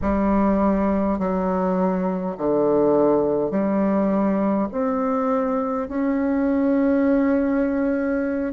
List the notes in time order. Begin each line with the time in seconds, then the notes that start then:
0.01 G3
1.18 F#3
2.37 D3
3.50 G3
4.71 C4
5.88 C#4